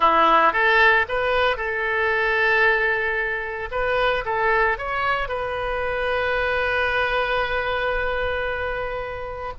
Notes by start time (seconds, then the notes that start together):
0.00 E4
0.52 A4
1.08 B4
1.56 A4
3.71 B4
4.25 A4
4.78 C#5
5.28 B4